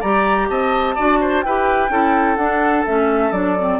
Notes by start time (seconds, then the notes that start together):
0.00 G3 G4 D5 A#5
0.49 C4 D#5 A5
0.95 D4 F#4 D5
1.21 C5
1.42 E4 G4 B4 G5
1.89 C#4 E4 A4
2.36 D4 F#5
2.86 A3 C#4 E5
3.31 F#3 D4 D5
3.58 C4